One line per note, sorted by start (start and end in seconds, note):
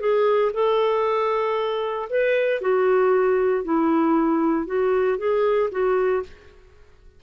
0.00 0.52 G#4
0.54 2.09 A4
2.10 2.61 B4
2.61 3.65 F#4
3.65 4.67 E4
4.67 5.18 F#4
5.18 5.70 G#4
5.71 6.23 F#4